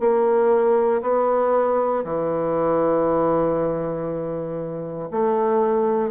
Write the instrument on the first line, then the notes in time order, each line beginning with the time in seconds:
bassoon
0.00 A#3
1.02 B3
2.04 E3
5.11 A3